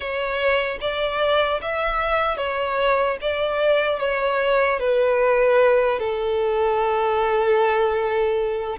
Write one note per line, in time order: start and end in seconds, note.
0.00 0.78 C#5
0.80 1.60 D5
1.61 2.37 E5
2.37 3.17 C#5
3.21 3.99 D5
3.99 4.79 C#5
4.79 5.99 B4
5.99 8.79 A4